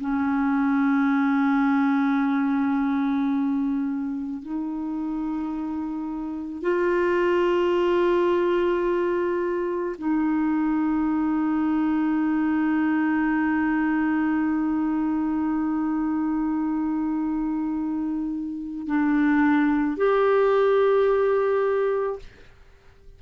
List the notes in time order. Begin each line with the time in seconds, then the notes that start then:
0.00 C#4
4.41 D#4
6.62 F4
9.98 D#4
18.87 D4
19.96 G4